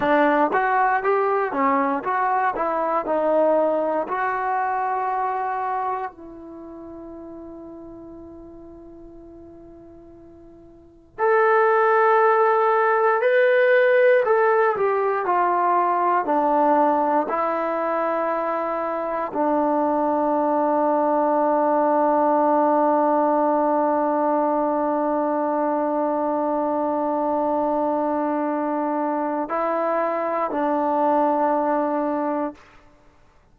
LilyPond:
\new Staff \with { instrumentName = "trombone" } { \time 4/4 \tempo 4 = 59 d'8 fis'8 g'8 cis'8 fis'8 e'8 dis'4 | fis'2 e'2~ | e'2. a'4~ | a'4 b'4 a'8 g'8 f'4 |
d'4 e'2 d'4~ | d'1~ | d'1~ | d'4 e'4 d'2 | }